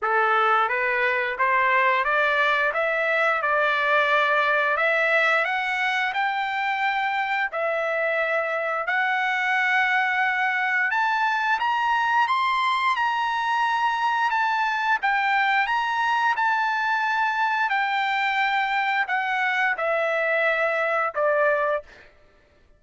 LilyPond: \new Staff \with { instrumentName = "trumpet" } { \time 4/4 \tempo 4 = 88 a'4 b'4 c''4 d''4 | e''4 d''2 e''4 | fis''4 g''2 e''4~ | e''4 fis''2. |
a''4 ais''4 c'''4 ais''4~ | ais''4 a''4 g''4 ais''4 | a''2 g''2 | fis''4 e''2 d''4 | }